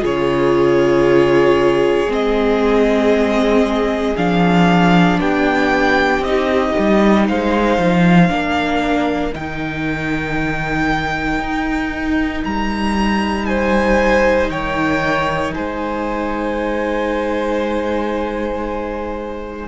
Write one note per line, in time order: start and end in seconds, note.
0.00 2.06 C#3
0.00 2.07 F4
0.00 5.19 G#4
0.00 2.12 C#5
2.06 4.13 G#3
2.06 4.15 C4
2.12 4.16 D#5
4.16 5.20 F3
4.16 6.23 D4
4.16 5.20 F5
5.20 6.19 B3
5.20 7.27 G4
5.20 6.23 G5
6.19 6.71 C4
6.19 7.27 D#5
6.26 8.29 D#4
6.78 7.29 G3
7.27 7.77 G#3
7.27 8.31 C5
7.27 9.34 F5
7.77 8.29 F3
8.29 9.34 A#3
8.29 9.32 D4
8.29 13.47 A#4
9.33 11.39 D#3
9.33 19.67 D#4
9.33 12.44 G5
11.39 12.42 D#4
12.44 14.49 G3
12.44 13.46 A#5
13.46 14.50 C5
13.46 14.49 G#5
14.49 15.53 D#3
14.49 15.54 C#5
14.49 15.53 G5
15.53 19.67 G#3
15.53 19.67 C5
15.53 19.67 G#5